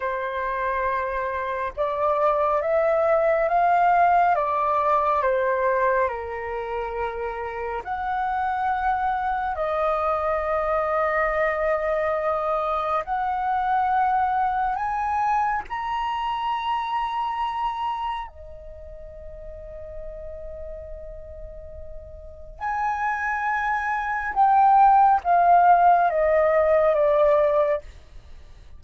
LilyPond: \new Staff \with { instrumentName = "flute" } { \time 4/4 \tempo 4 = 69 c''2 d''4 e''4 | f''4 d''4 c''4 ais'4~ | ais'4 fis''2 dis''4~ | dis''2. fis''4~ |
fis''4 gis''4 ais''2~ | ais''4 dis''2.~ | dis''2 gis''2 | g''4 f''4 dis''4 d''4 | }